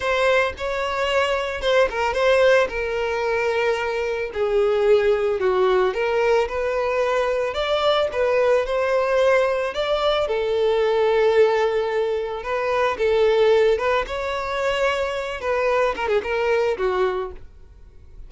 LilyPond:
\new Staff \with { instrumentName = "violin" } { \time 4/4 \tempo 4 = 111 c''4 cis''2 c''8 ais'8 | c''4 ais'2. | gis'2 fis'4 ais'4 | b'2 d''4 b'4 |
c''2 d''4 a'4~ | a'2. b'4 | a'4. b'8 cis''2~ | cis''8 b'4 ais'16 gis'16 ais'4 fis'4 | }